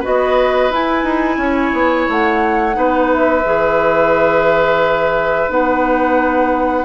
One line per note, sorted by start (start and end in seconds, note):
0.00 0.70 B3
0.00 0.71 F#4
0.00 1.36 B4
0.00 0.73 D#5
0.70 1.04 E4
0.70 2.73 E4
0.70 2.09 G#5
1.04 1.38 D#4
1.38 1.72 C#4
1.38 2.77 C#5
1.73 2.07 B3
2.09 2.77 A3
2.09 3.13 F#5
2.73 3.45 B3
2.73 3.41 D#4
2.73 6.85 B4
3.13 5.51 E5
3.45 5.50 E3
3.45 5.49 G#4
5.49 6.85 B3
5.49 6.85 D#4
5.49 6.85 F#5